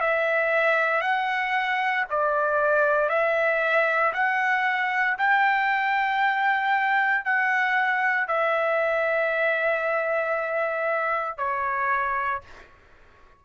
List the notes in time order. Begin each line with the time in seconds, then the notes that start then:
0.00 E5
1.01 F#5
2.10 D5
3.09 E5
4.13 F#5
5.18 G5
7.25 F#5
8.27 E5
11.37 C#5